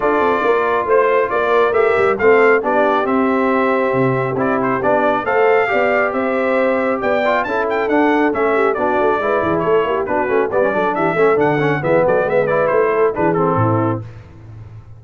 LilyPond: <<
  \new Staff \with { instrumentName = "trumpet" } { \time 4/4 \tempo 4 = 137 d''2 c''4 d''4 | e''4 f''4 d''4 e''4~ | e''2 d''8 c''8 d''4 | f''2 e''2 |
g''4 a''8 g''8 fis''4 e''4 | d''2 cis''4 b'4 | d''4 e''4 fis''4 e''8 d''8 | e''8 d''8 c''4 b'8 a'4. | }
  \new Staff \with { instrumentName = "horn" } { \time 4/4 a'4 ais'4 c''4 ais'4~ | ais'4 a'4 g'2~ | g'1 | c''4 d''4 c''2 |
d''4 a'2~ a'8 g'8 | fis'4 b'8 gis'8 a'8 g'8 fis'4 | b'8 a'8 g'8 a'4. gis'8 a'8 | b'4. a'8 gis'4 e'4 | }
  \new Staff \with { instrumentName = "trombone" } { \time 4/4 f'1 | g'4 c'4 d'4 c'4~ | c'2 e'4 d'4 | a'4 g'2.~ |
g'8 f'8 e'4 d'4 cis'4 | d'4 e'2 d'8 cis'8 | b16 cis'16 d'4 cis'8 d'8 cis'8 b4~ | b8 e'4. d'8 c'4. | }
  \new Staff \with { instrumentName = "tuba" } { \time 4/4 d'8 c'8 ais4 a4 ais4 | a8 g8 a4 b4 c'4~ | c'4 c4 c'4 b4 | a4 b4 c'2 |
b4 cis'4 d'4 a4 | b8 a8 gis8 e8 a8 ais8 b8 a8 | g8 fis8 e8 a8 d4 e8 fis8 | gis4 a4 e4 a,4 | }
>>